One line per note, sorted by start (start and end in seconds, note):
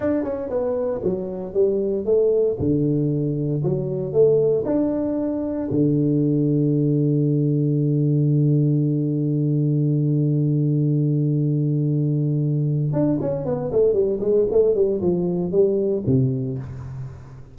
0.00 0.23 D4
0.23 0.49 C#4
0.49 1.01 B3
1.03 1.53 F#3
1.53 2.05 G3
2.05 2.57 A3
2.59 3.62 D3
3.63 4.12 F#3
4.12 4.64 A3
4.65 5.68 D4
5.70 12.92 D3
12.92 13.18 D4
13.20 13.45 C#4
13.45 13.71 B3
13.71 13.93 A3
13.93 14.19 G3
14.20 14.46 G#3
14.50 14.74 A3
14.74 15.00 G3
15.01 15.51 F3
15.51 16.03 G3
16.06 16.58 C3